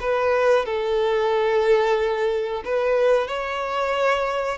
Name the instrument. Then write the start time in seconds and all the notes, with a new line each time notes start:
violin
0.00 B4
0.65 A4
2.65 B4
3.27 C#5